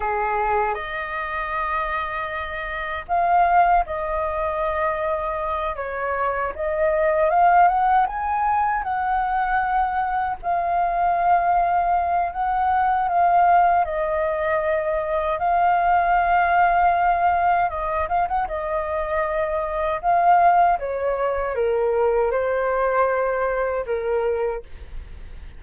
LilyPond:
\new Staff \with { instrumentName = "flute" } { \time 4/4 \tempo 4 = 78 gis'4 dis''2. | f''4 dis''2~ dis''8 cis''8~ | cis''8 dis''4 f''8 fis''8 gis''4 fis''8~ | fis''4. f''2~ f''8 |
fis''4 f''4 dis''2 | f''2. dis''8 f''16 fis''16 | dis''2 f''4 cis''4 | ais'4 c''2 ais'4 | }